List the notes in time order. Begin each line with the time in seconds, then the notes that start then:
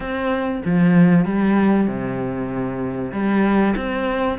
0.00 C4
0.65 F3
1.25 G3
1.87 C3
3.12 G3
3.76 C4